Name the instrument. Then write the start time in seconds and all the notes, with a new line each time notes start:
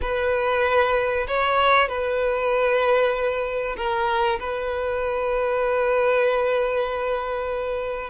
violin
0.01 B4
1.27 C#5
1.88 B4
3.76 A#4
4.39 B4